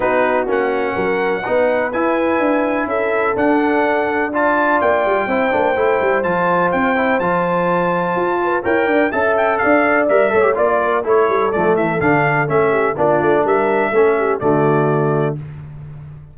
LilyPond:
<<
  \new Staff \with { instrumentName = "trumpet" } { \time 4/4 \tempo 4 = 125 b'4 fis''2. | gis''2 e''4 fis''4~ | fis''4 a''4 g''2~ | g''4 a''4 g''4 a''4~ |
a''2 g''4 a''8 g''8 | f''4 e''4 d''4 cis''4 | d''8 e''8 f''4 e''4 d''4 | e''2 d''2 | }
  \new Staff \with { instrumentName = "horn" } { \time 4/4 fis'2 ais'4 b'4~ | b'2 a'2~ | a'4 d''2 c''4~ | c''1~ |
c''4. b'8 cis''8 d''8 e''4 | d''4. cis''8 d''8 ais'8 a'4~ | a'2~ a'8 g'8 f'4 | ais'4 a'8 g'8 fis'2 | }
  \new Staff \with { instrumentName = "trombone" } { \time 4/4 dis'4 cis'2 dis'4 | e'2. d'4~ | d'4 f'2 e'8 d'8 | e'4 f'4. e'8 f'4~ |
f'2 ais'4 a'4~ | a'4 ais'8 a'16 g'16 f'4 e'4 | a4 d'4 cis'4 d'4~ | d'4 cis'4 a2 | }
  \new Staff \with { instrumentName = "tuba" } { \time 4/4 b4 ais4 fis4 b4 | e'4 d'4 cis'4 d'4~ | d'2 ais8 g8 c'8 ais8 | a8 g8 f4 c'4 f4~ |
f4 f'4 e'8 d'8 cis'4 | d'4 g8 a8 ais4 a8 g8 | f8 e8 d4 a4 ais8 a8 | g4 a4 d2 | }
>>